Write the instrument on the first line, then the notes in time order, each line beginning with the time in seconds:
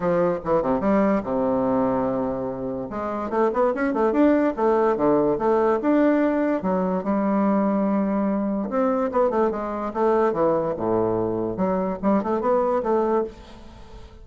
bassoon
0.00 F3
0.44 E3
0.62 C3
0.80 G3
1.23 C3
2.90 G#3
3.30 A3
3.53 B3
3.74 C#4
3.93 A3
4.12 D4
4.56 A3
4.96 D3
5.38 A3
5.81 D4
6.62 F#3
7.03 G3
8.69 C4
9.11 B3
9.30 A3
9.50 G#3
9.93 A3
10.32 E3
10.76 A2
11.56 F#3
12.02 G3
12.23 A3
12.40 B3
12.83 A3